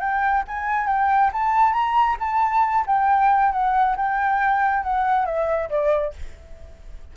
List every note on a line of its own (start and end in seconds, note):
0.00 0.44 G5
0.48 0.87 G#5
0.87 1.31 G5
1.33 1.73 A5
1.73 2.17 A#5
2.20 2.85 A5
2.86 3.52 G5
3.52 3.96 F#5
3.97 4.84 G5
4.84 5.26 F#5
5.26 5.69 E5
5.70 6.14 D5